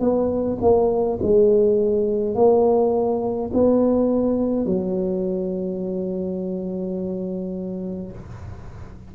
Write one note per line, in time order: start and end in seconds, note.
0.00 0.58 B3
0.61 1.19 A#3
1.23 2.35 G#3
2.35 3.50 A#3
3.53 4.66 B3
4.66 8.12 F#3